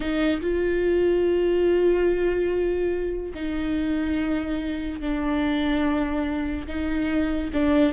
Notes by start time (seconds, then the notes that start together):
0.00 D#4
0.41 F4
3.34 D#4
5.00 D4
6.67 D#4
7.53 D4